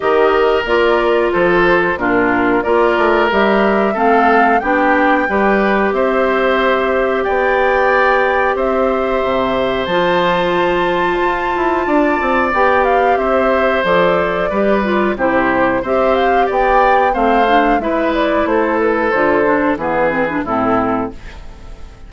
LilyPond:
<<
  \new Staff \with { instrumentName = "flute" } { \time 4/4 \tempo 4 = 91 dis''4 d''4 c''4 ais'4 | d''4 e''4 f''4 g''4~ | g''4 e''2 g''4~ | g''4 e''2 a''4~ |
a''2. g''8 f''8 | e''4 d''2 c''4 | e''8 f''8 g''4 f''4 e''8 d''8 | c''8 b'8 c''4 b'4 a'4 | }
  \new Staff \with { instrumentName = "oboe" } { \time 4/4 ais'2 a'4 f'4 | ais'2 a'4 g'4 | b'4 c''2 d''4~ | d''4 c''2.~ |
c''2 d''2 | c''2 b'4 g'4 | c''4 d''4 c''4 b'4 | a'2 gis'4 e'4 | }
  \new Staff \with { instrumentName = "clarinet" } { \time 4/4 g'4 f'2 d'4 | f'4 g'4 c'4 d'4 | g'1~ | g'2. f'4~ |
f'2. g'4~ | g'4 a'4 g'8 f'8 e'4 | g'2 c'8 d'8 e'4~ | e'4 f'8 d'8 b8 c'16 d'16 c'4 | }
  \new Staff \with { instrumentName = "bassoon" } { \time 4/4 dis4 ais4 f4 ais,4 | ais8 a8 g4 a4 b4 | g4 c'2 b4~ | b4 c'4 c4 f4~ |
f4 f'8 e'8 d'8 c'8 b4 | c'4 f4 g4 c4 | c'4 b4 a4 gis4 | a4 d4 e4 a,4 | }
>>